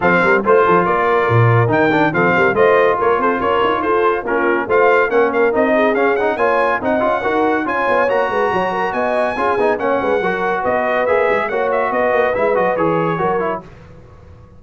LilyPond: <<
  \new Staff \with { instrumentName = "trumpet" } { \time 4/4 \tempo 4 = 141 f''4 c''4 d''2 | g''4 f''4 dis''4 cis''8 c''8 | cis''4 c''4 ais'4 f''4 | fis''8 f''8 dis''4 f''8 fis''8 gis''4 |
fis''2 gis''4 ais''4~ | ais''4 gis''2 fis''4~ | fis''4 dis''4 e''4 fis''8 e''8 | dis''4 e''8 dis''8 cis''2 | }
  \new Staff \with { instrumentName = "horn" } { \time 4/4 a'8 ais'8 c''8 a'8 ais'2~ | ais'4 a'8 ais'8 c''4 ais'8 a'8 | ais'4 a'4 f'4 c''4 | ais'4. gis'4. cis''4 |
dis''4 ais'4 cis''4. b'8 | cis''8 ais'8 dis''4 gis'4 cis''8 b'8 | ais'4 b'2 cis''4 | b'2. ais'4 | }
  \new Staff \with { instrumentName = "trombone" } { \time 4/4 c'4 f'2. | dis'8 d'8 c'4 f'2~ | f'2 cis'4 f'4 | cis'4 dis'4 cis'8 dis'8 f'4 |
dis'8 f'8 fis'4 f'4 fis'4~ | fis'2 f'8 dis'8 cis'4 | fis'2 gis'4 fis'4~ | fis'4 e'8 fis'8 gis'4 fis'8 e'8 | }
  \new Staff \with { instrumentName = "tuba" } { \time 4/4 f8 g8 a8 f8 ais4 ais,4 | dis4 f8 g8 a4 ais8 c'8 | cis'8 dis'8 f'4 ais4 a4 | ais4 c'4 cis'4 ais4 |
c'8 cis'8 dis'4 cis'8 b8 ais8 gis8 | fis4 b4 cis'8 b8 ais8 gis8 | fis4 b4 ais8 gis8 ais4 | b8 ais8 gis8 fis8 e4 fis4 | }
>>